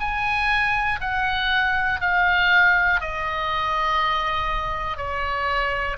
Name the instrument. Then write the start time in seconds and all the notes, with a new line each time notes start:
oboe
0.00 G#5
1.01 F#5
2.00 F5
3.01 D#5
4.97 C#5